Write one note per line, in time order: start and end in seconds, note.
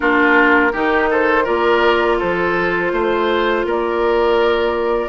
0.00 0.74 A#3
0.00 0.71 D4
0.00 0.72 F4
0.00 1.10 A#4
0.72 1.47 D#3
0.72 1.45 D#4
0.72 1.09 G4
1.10 1.44 A4
1.10 1.46 C5
1.44 2.20 A#3
1.44 5.09 F4
1.44 2.17 A#4
1.44 2.19 D5
2.19 2.92 F3
2.19 2.92 A4
2.19 3.66 C5
2.92 3.64 A3
2.92 3.66 C5
3.64 5.09 A#3
3.64 5.09 A#4
3.64 5.09 D5